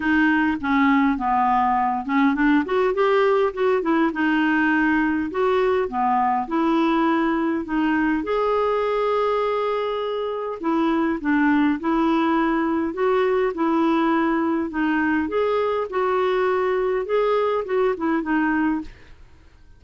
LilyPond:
\new Staff \with { instrumentName = "clarinet" } { \time 4/4 \tempo 4 = 102 dis'4 cis'4 b4. cis'8 | d'8 fis'8 g'4 fis'8 e'8 dis'4~ | dis'4 fis'4 b4 e'4~ | e'4 dis'4 gis'2~ |
gis'2 e'4 d'4 | e'2 fis'4 e'4~ | e'4 dis'4 gis'4 fis'4~ | fis'4 gis'4 fis'8 e'8 dis'4 | }